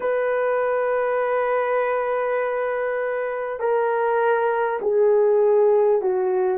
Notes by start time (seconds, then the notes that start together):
0.00 B4
3.59 A#4
4.81 G#4
6.01 F#4